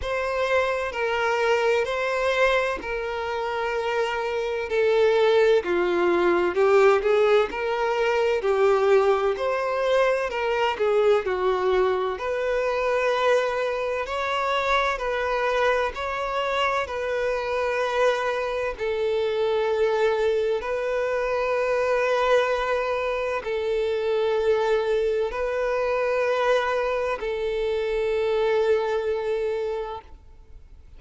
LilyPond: \new Staff \with { instrumentName = "violin" } { \time 4/4 \tempo 4 = 64 c''4 ais'4 c''4 ais'4~ | ais'4 a'4 f'4 g'8 gis'8 | ais'4 g'4 c''4 ais'8 gis'8 | fis'4 b'2 cis''4 |
b'4 cis''4 b'2 | a'2 b'2~ | b'4 a'2 b'4~ | b'4 a'2. | }